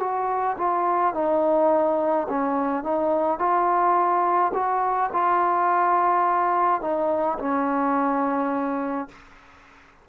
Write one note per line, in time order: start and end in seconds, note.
0.00 0.57 F#4
0.58 1.14 F4
1.14 2.27 D#4
2.29 2.84 C#4
2.84 3.39 D#4
3.39 4.52 F4
4.54 5.10 F#4
5.13 6.81 F4
6.81 7.38 D#4
7.39 9.09 C#4